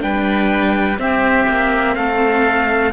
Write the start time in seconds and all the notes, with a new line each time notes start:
0.00 G3 D4 B4 G5
0.99 C4 G4 E5
1.48 A#3
1.96 A3 A4 F5